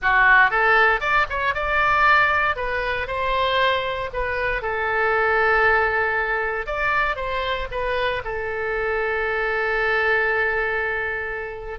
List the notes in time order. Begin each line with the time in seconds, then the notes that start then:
0.02 F#4
0.50 A4
1.00 D5
1.29 C#5
1.54 D5
2.55 B4
3.07 C5
4.13 B4
4.62 A4
6.66 D5
7.16 C5
7.71 B4
8.24 A4